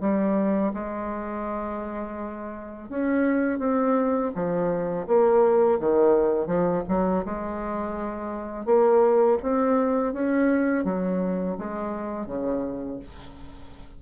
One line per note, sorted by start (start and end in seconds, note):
0.00 0.72 G3
0.73 2.89 G#3
2.89 3.58 C#4
3.58 4.31 C4
4.34 5.06 F3
5.07 5.79 A#3
5.79 6.46 D#3
6.46 6.82 F3
6.88 7.24 F#3
7.25 8.65 G#3
8.65 9.37 A#3
9.42 10.13 C4
10.13 10.84 C#4
10.84 11.56 F#3
11.57 12.26 G#3
12.26 12.98 C#3